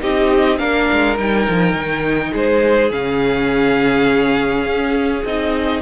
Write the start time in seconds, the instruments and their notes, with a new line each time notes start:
0.00 cello C4, viola D#4, violin G4 D#5
0.58 cello A#3, viola D4, violin A#4 F5
0.92 cello G#3
1.17 cello G3, viola D#4, violin G5
1.48 cello F3
1.72 cello D#3
2.31 cello G#3, violin G#4 C5
2.90 cello C#3, viola C#4, violin F5
4.65 cello C#4
5.24 cello C4, viola D#4, violin D#5